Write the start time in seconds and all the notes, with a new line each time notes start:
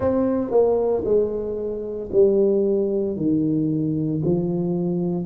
0.00 C4
0.50 A#3
1.04 G#3
2.11 G3
3.16 D#3
4.24 F3